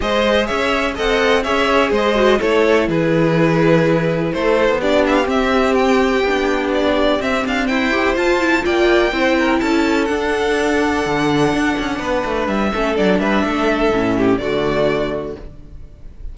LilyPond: <<
  \new Staff \with { instrumentName = "violin" } { \time 4/4 \tempo 4 = 125 dis''4 e''4 fis''4 e''4 | dis''4 cis''4 b'2~ | b'4 c''4 d''8 e''16 f''16 e''4 | g''2 d''4 e''8 f''8 |
g''4 a''4 g''2 | a''4 fis''2.~ | fis''2 e''4 d''8 e''8~ | e''2 d''2 | }
  \new Staff \with { instrumentName = "violin" } { \time 4/4 c''4 cis''4 dis''4 cis''4 | c''4 a'4 gis'2~ | gis'4 a'4 g'2~ | g'1 |
c''2 d''4 c''8 ais'8 | a'1~ | a'4 b'4. a'4 b'8 | a'4. g'8 fis'2 | }
  \new Staff \with { instrumentName = "viola" } { \time 4/4 gis'2 a'4 gis'4~ | gis'8 fis'8 e'2.~ | e'2 d'4 c'4~ | c'4 d'2 c'4~ |
c'8 g'8 f'8 e'8 f'4 e'4~ | e'4 d'2.~ | d'2~ d'8 cis'8 d'4~ | d'4 cis'4 a2 | }
  \new Staff \with { instrumentName = "cello" } { \time 4/4 gis4 cis'4 c'4 cis'4 | gis4 a4 e2~ | e4 a8. b4~ b16 c'4~ | c'4 b2 c'8 d'8 |
e'4 f'4 ais4 c'4 | cis'4 d'2 d4 | d'8 cis'8 b8 a8 g8 a8 fis8 g8 | a4 a,4 d2 | }
>>